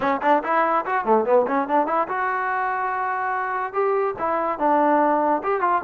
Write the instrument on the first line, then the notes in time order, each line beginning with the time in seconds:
trombone
0.00 C#4
0.22 D4
0.43 E4
0.85 F#4
1.04 A3
1.25 B3
1.47 C#4
1.67 D4
1.86 E4
2.08 F#4
3.73 G4
4.18 E4
4.58 D4
5.43 G4
5.60 F4